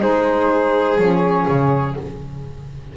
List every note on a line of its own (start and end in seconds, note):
0.00 0.97 G#3
0.00 0.97 D#4
0.00 1.95 G#4
0.00 0.98 C5
0.97 1.46 F3
0.97 1.96 C#4
0.97 1.95 C#5
1.48 1.96 C#3